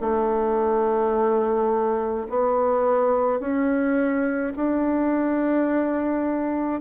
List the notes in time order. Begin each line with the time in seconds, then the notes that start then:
0.00 A3
2.29 B3
3.40 C#4
4.56 D4